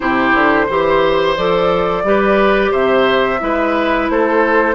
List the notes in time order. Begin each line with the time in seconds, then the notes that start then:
0.00 C3 E4 G4 C5
0.34 D3
0.66 E3 G4 C5
1.36 F3 A4 D5
2.03 G3 G4 B4
2.71 C3 C5 E5
3.39 G#3 E4 B4
4.09 A3 A4 C5